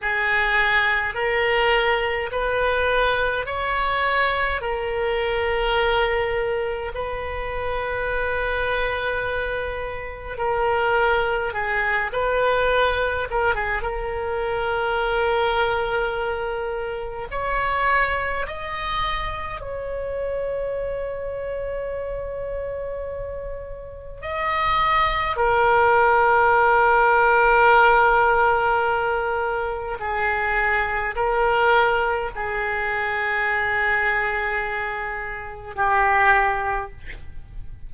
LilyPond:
\new Staff \with { instrumentName = "oboe" } { \time 4/4 \tempo 4 = 52 gis'4 ais'4 b'4 cis''4 | ais'2 b'2~ | b'4 ais'4 gis'8 b'4 ais'16 gis'16 | ais'2. cis''4 |
dis''4 cis''2.~ | cis''4 dis''4 ais'2~ | ais'2 gis'4 ais'4 | gis'2. g'4 | }